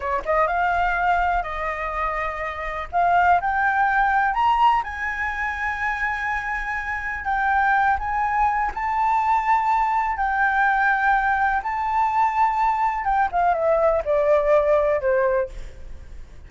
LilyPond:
\new Staff \with { instrumentName = "flute" } { \time 4/4 \tempo 4 = 124 cis''8 dis''8 f''2 dis''4~ | dis''2 f''4 g''4~ | g''4 ais''4 gis''2~ | gis''2. g''4~ |
g''8 gis''4. a''2~ | a''4 g''2. | a''2. g''8 f''8 | e''4 d''2 c''4 | }